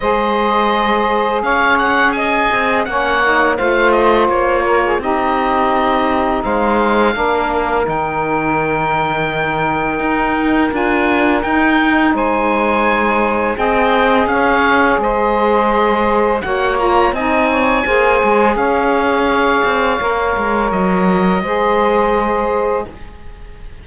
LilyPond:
<<
  \new Staff \with { instrumentName = "oboe" } { \time 4/4 \tempo 4 = 84 dis''2 f''8 fis''8 gis''4 | fis''4 f''8 dis''8 cis''4 dis''4~ | dis''4 f''2 g''4~ | g''2. gis''4 |
g''4 gis''2 g''4 | f''4 dis''2 fis''8 ais''8 | gis''2 f''2~ | f''4 dis''2. | }
  \new Staff \with { instrumentName = "saxophone" } { \time 4/4 c''2 cis''4 dis''4 | cis''4 c''4. ais'16 gis'16 g'4~ | g'4 c''4 ais'2~ | ais'1~ |
ais'4 c''2 dis''4 | cis''4 c''2 cis''4 | dis''8 cis''8 c''4 cis''2~ | cis''2 c''2 | }
  \new Staff \with { instrumentName = "saxophone" } { \time 4/4 gis'1 | cis'8 dis'8 f'2 dis'4~ | dis'2 d'4 dis'4~ | dis'2. f'4 |
dis'2. gis'4~ | gis'2. fis'8 f'8 | dis'4 gis'2. | ais'2 gis'2 | }
  \new Staff \with { instrumentName = "cello" } { \time 4/4 gis2 cis'4. c'8 | ais4 a4 ais4 c'4~ | c'4 gis4 ais4 dis4~ | dis2 dis'4 d'4 |
dis'4 gis2 c'4 | cis'4 gis2 ais4 | c'4 ais8 gis8 cis'4. c'8 | ais8 gis8 fis4 gis2 | }
>>